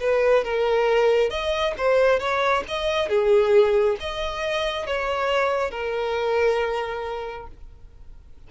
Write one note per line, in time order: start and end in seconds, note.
0.00 0.44 B4
0.44 1.30 A#4
1.30 1.74 D#5
1.78 2.19 C5
2.19 2.64 C#5
2.68 3.09 D#5
3.09 3.97 G#4
4.00 4.86 D#5
4.86 5.71 C#5
5.71 7.47 A#4